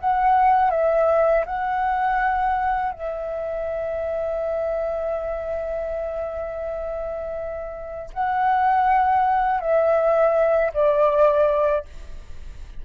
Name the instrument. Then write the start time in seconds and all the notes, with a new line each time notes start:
flute
0.00 F#5
0.71 E5
1.46 F#5
2.92 E5
8.13 F#5
9.61 E5
10.74 D5